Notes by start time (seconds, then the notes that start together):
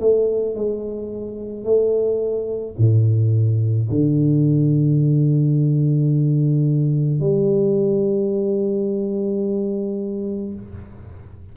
0.00 A3
0.55 G#3
1.64 A3
2.77 A2
3.89 D3
7.20 G3